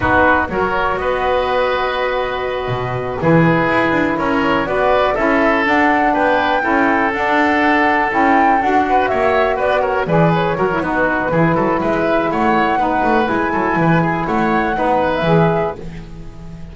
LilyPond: <<
  \new Staff \with { instrumentName = "flute" } { \time 4/4 \tempo 4 = 122 b'4 cis''4 dis''2~ | dis''2~ dis''8 b'4.~ | b'8 cis''4 d''4 e''4 fis''8~ | fis''8 g''2 fis''4.~ |
fis''8 g''4 fis''4 e''4 d''8 | cis''8 d''8 cis''4 b'2 | e''4 fis''2 gis''4~ | gis''4 fis''4.~ fis''16 e''4~ e''16 | }
  \new Staff \with { instrumentName = "oboe" } { \time 4/4 fis'4 ais'4 b'2~ | b'2~ b'8 gis'4.~ | gis'8 ais'4 b'4 a'4.~ | a'8 b'4 a'2~ a'8~ |
a'2 b'8 cis''4 b'8 | ais'8 b'4 ais'8 fis'4 gis'8 a'8 | b'4 cis''4 b'4. a'8 | b'8 gis'8 cis''4 b'2 | }
  \new Staff \with { instrumentName = "saxophone" } { \time 4/4 dis'4 fis'2.~ | fis'2~ fis'8 e'4.~ | e'4. fis'4 e'4 d'8~ | d'4. e'4 d'4.~ |
d'8 e'4 fis'2~ fis'8~ | fis'8 gis'4 fis'16 e'16 dis'4 e'4~ | e'2 dis'4 e'4~ | e'2 dis'4 gis'4 | }
  \new Staff \with { instrumentName = "double bass" } { \time 4/4 b4 fis4 b2~ | b4. b,4 e4 e'8 | d'8 cis'4 b4 cis'4 d'8~ | d'8 b4 cis'4 d'4.~ |
d'8 cis'4 d'4 ais4 b8~ | b8 e4 fis8 b4 e8 fis8 | gis4 a4 b8 a8 gis8 fis8 | e4 a4 b4 e4 | }
>>